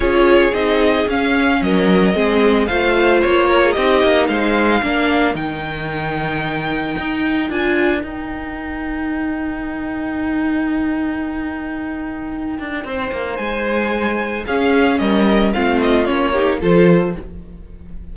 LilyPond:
<<
  \new Staff \with { instrumentName = "violin" } { \time 4/4 \tempo 4 = 112 cis''4 dis''4 f''4 dis''4~ | dis''4 f''4 cis''4 dis''4 | f''2 g''2~ | g''2 gis''4 g''4~ |
g''1~ | g''1~ | g''4 gis''2 f''4 | dis''4 f''8 dis''8 cis''4 c''4 | }
  \new Staff \with { instrumentName = "violin" } { \time 4/4 gis'2. ais'4 | gis'4 c''4. ais'16 gis'16 g'4 | c''4 ais'2.~ | ais'1~ |
ais'1~ | ais'1 | c''2. gis'4 | ais'4 f'4. g'8 a'4 | }
  \new Staff \with { instrumentName = "viola" } { \time 4/4 f'4 dis'4 cis'2 | c'4 f'2 dis'4~ | dis'4 d'4 dis'2~ | dis'2 f'4 dis'4~ |
dis'1~ | dis'1~ | dis'2. cis'4~ | cis'4 c'4 cis'8 dis'8 f'4 | }
  \new Staff \with { instrumentName = "cello" } { \time 4/4 cis'4 c'4 cis'4 fis4 | gis4 a4 ais4 c'8 ais8 | gis4 ais4 dis2~ | dis4 dis'4 d'4 dis'4~ |
dis'1~ | dis'2.~ dis'8 d'8 | c'8 ais8 gis2 cis'4 | g4 a4 ais4 f4 | }
>>